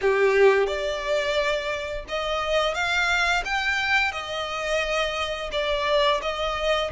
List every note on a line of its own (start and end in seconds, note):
0.01 0.66 G4
0.66 2.04 D5
2.08 2.74 D#5
2.74 3.43 F5
3.44 4.12 G5
4.12 5.50 D#5
5.52 6.21 D5
6.22 6.91 D#5